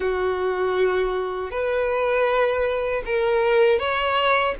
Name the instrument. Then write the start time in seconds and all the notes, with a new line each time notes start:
violin
0.00 F#4
1.50 B4
3.05 A#4
3.79 C#5